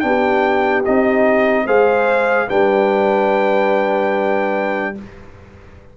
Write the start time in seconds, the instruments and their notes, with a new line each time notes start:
0.00 tuba B3, trombone D4, horn G4, trumpet G5
0.85 tuba C4, trombone D#4, trumpet D#5
1.66 tuba G#3, trombone G#4, horn C5, trumpet F5
2.48 tuba G3, trombone D4, horn B4, trumpet G5